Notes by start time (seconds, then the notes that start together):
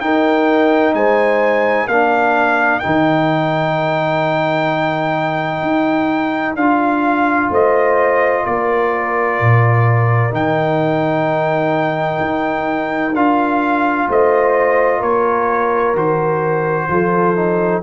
0.00 D#4 A#4 G5
0.94 G#3 C5 G#5
1.88 A#3 D4 A#4 F5
2.79 D#4 G5
2.86 D#3
5.62 D#4
6.55 D4 F4 F5
7.50 A3 C5 D#5
8.44 A#3 A#4 D5
9.40 A#2
10.31 D#3 D#4 G5
12.21 D#4
13.14 D4 F4 F5
14.08 A3 C5 D#5
14.99 A#3 A#4 C#5
15.94 D#3 F#4 C5
16.89 F3 F4 A4
17.36 D#4